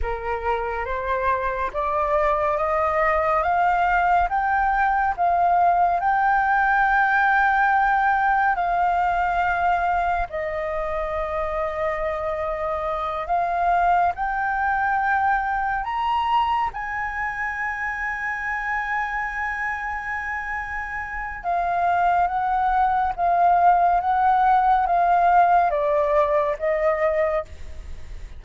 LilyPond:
\new Staff \with { instrumentName = "flute" } { \time 4/4 \tempo 4 = 70 ais'4 c''4 d''4 dis''4 | f''4 g''4 f''4 g''4~ | g''2 f''2 | dis''2.~ dis''8 f''8~ |
f''8 g''2 ais''4 gis''8~ | gis''1~ | gis''4 f''4 fis''4 f''4 | fis''4 f''4 d''4 dis''4 | }